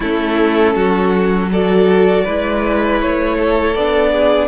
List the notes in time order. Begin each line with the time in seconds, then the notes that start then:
0.00 A3 C#4 E4 A4
0.74 F#3 F#4
1.51 F#4 A4 D5
2.24 G#3 E4 B4
3.01 A3 C#5
3.39 A4
3.74 B3 D4 D5
4.11 G#4